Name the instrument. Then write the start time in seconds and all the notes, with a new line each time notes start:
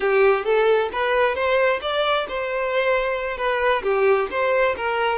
violin
0.00 G4
0.44 A4
0.92 B4
1.35 C5
1.81 D5
2.28 C5
3.37 B4
3.82 G4
4.30 C5
4.76 A#4